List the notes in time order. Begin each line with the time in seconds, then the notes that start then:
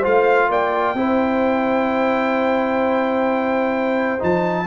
0.00 A3 F4 C5 F5
0.49 A#3 D5 G5
0.94 C4 E4 C5
4.19 F3 D#4 A5